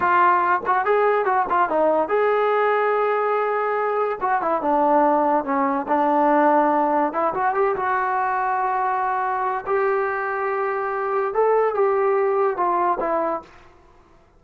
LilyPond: \new Staff \with { instrumentName = "trombone" } { \time 4/4 \tempo 4 = 143 f'4. fis'8 gis'4 fis'8 f'8 | dis'4 gis'2.~ | gis'2 fis'8 e'8 d'4~ | d'4 cis'4 d'2~ |
d'4 e'8 fis'8 g'8 fis'4.~ | fis'2. g'4~ | g'2. a'4 | g'2 f'4 e'4 | }